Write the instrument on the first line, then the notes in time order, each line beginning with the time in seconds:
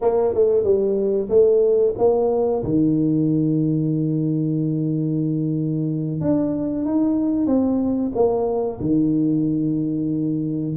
tuba
0.01 A#3
0.33 A3
0.63 G3
1.29 A3
1.97 A#3
2.63 D#3
6.20 D4
6.85 D#4
7.46 C4
8.14 A#3
8.80 D#3